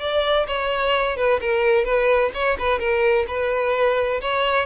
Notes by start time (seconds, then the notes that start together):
0.00 D5
0.47 C#5
1.17 B4
1.41 A#4
1.85 B4
2.34 C#5
2.59 B4
2.79 A#4
3.28 B4
4.21 C#5